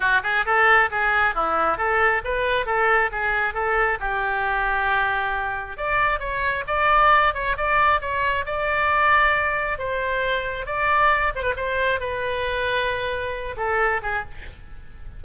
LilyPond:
\new Staff \with { instrumentName = "oboe" } { \time 4/4 \tempo 4 = 135 fis'8 gis'8 a'4 gis'4 e'4 | a'4 b'4 a'4 gis'4 | a'4 g'2.~ | g'4 d''4 cis''4 d''4~ |
d''8 cis''8 d''4 cis''4 d''4~ | d''2 c''2 | d''4. c''16 b'16 c''4 b'4~ | b'2~ b'8 a'4 gis'8 | }